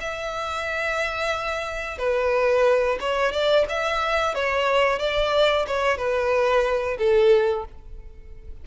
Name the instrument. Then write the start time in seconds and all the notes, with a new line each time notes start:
violin
0.00 E5
1.98 B4
3.00 C#5
3.32 D5
3.68 E5
4.34 C#5
4.99 D5
5.66 C#5
5.97 B4
6.98 A4